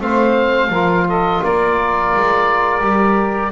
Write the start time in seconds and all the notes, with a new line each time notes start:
0.00 A3 C4 C5 F5
0.70 F3 F4 A#4
1.08 A4 D#5
1.42 A#3 A#4 D5
2.15 G#3
2.81 G3 G4